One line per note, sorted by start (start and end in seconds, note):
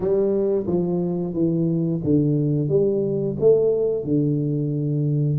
0.00 0.66 G3
0.66 1.33 F3
1.33 2.00 E3
2.04 2.68 D3
2.68 3.36 G3
3.40 4.04 A3
4.04 5.38 D3